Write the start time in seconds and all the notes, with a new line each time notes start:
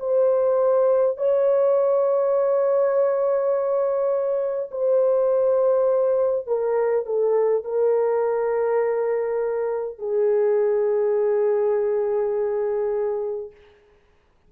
0.00 C5
1.17 C#5
4.72 C5
6.47 A#4
7.06 A4
7.64 A#4
9.98 G#4